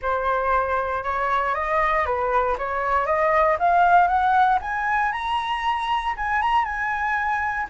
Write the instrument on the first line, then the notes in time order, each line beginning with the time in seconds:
flute
0.02 C5
1.03 C#5
1.55 D#5
2.05 B4
2.58 C#5
3.06 D#5
3.59 F5
4.07 F#5
4.61 G#5
5.12 A#5
6.17 G#5
6.41 A#5
6.64 G#5